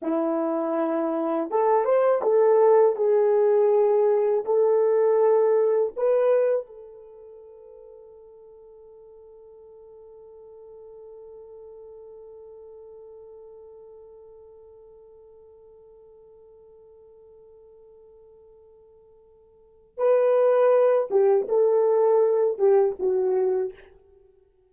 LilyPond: \new Staff \with { instrumentName = "horn" } { \time 4/4 \tempo 4 = 81 e'2 a'8 c''8 a'4 | gis'2 a'2 | b'4 a'2.~ | a'1~ |
a'1~ | a'1~ | a'2. b'4~ | b'8 g'8 a'4. g'8 fis'4 | }